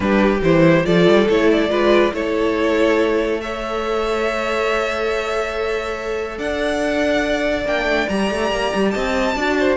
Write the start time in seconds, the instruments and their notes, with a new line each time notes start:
0.00 cello G3, viola D4, violin G4 B4
0.42 cello E3, viola E4, violin C5
0.83 cello F3, viola F4, violin A4 D5
1.07 cello G3
1.29 cello A3, viola E4, violin C#5
1.51 violin D5
1.69 cello G#3, viola F4, violin B4
2.12 cello A3, viola E4, violin A4 C#5
3.40 viola A4, violin C#5 E5
6.37 cello D4, violin D5 F#5
7.65 cello A#3, viola D4, violin G5
7.84 cello A3
8.09 cello G3, viola G4, violin A#5
8.30 cello A3
8.51 cello A#3
8.74 cello G3
8.91 cello C4, violin D#5 A5
9.35 cello D4, viola F#4, violin D5
9.59 violin C5